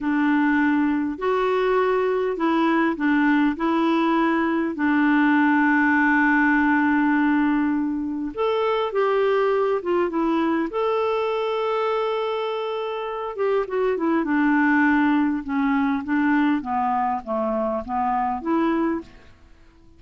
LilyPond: \new Staff \with { instrumentName = "clarinet" } { \time 4/4 \tempo 4 = 101 d'2 fis'2 | e'4 d'4 e'2 | d'1~ | d'2 a'4 g'4~ |
g'8 f'8 e'4 a'2~ | a'2~ a'8 g'8 fis'8 e'8 | d'2 cis'4 d'4 | b4 a4 b4 e'4 | }